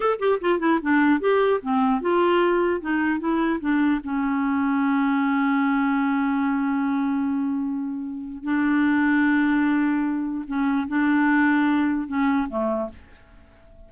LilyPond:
\new Staff \with { instrumentName = "clarinet" } { \time 4/4 \tempo 4 = 149 a'8 g'8 f'8 e'8 d'4 g'4 | c'4 f'2 dis'4 | e'4 d'4 cis'2~ | cis'1~ |
cis'1~ | cis'4 d'2.~ | d'2 cis'4 d'4~ | d'2 cis'4 a4 | }